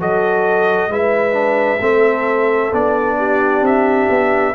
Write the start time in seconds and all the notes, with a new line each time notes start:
0.00 F#3 F#4 A4 D#5
0.88 G#3 E4 B4 E5
1.33 D4
1.81 A3 C4 A4
2.73 B3 D4 D5
3.18 G4
3.63 C4 E5
4.10 B3